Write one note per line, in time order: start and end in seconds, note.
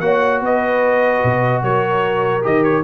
0.00 0.41 A#3
0.00 2.42 F#4
0.00 0.42 C#5
0.00 0.41 F#5
0.41 1.22 B3
0.41 1.63 B4
0.41 1.63 D#5
1.24 1.62 B2
1.62 2.43 F#3
1.62 2.84 A#4
1.62 2.44 C#5
2.42 2.84 D#3
2.42 2.83 G4
2.42 2.63 D#5
2.63 2.84 C#5